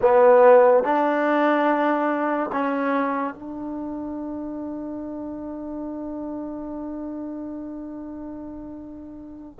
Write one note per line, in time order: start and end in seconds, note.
0.01 0.83 B3
0.83 2.50 D4
2.52 3.33 C#4
3.33 9.58 D4